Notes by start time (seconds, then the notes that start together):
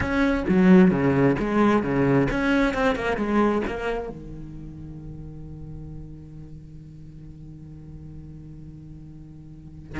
0.00 C#4
0.48 F#3
0.90 C#3
1.39 G#3
1.82 C#3
2.30 C#4
2.74 C4
2.95 A#3
3.16 G#3
3.67 A#3
4.08 D#3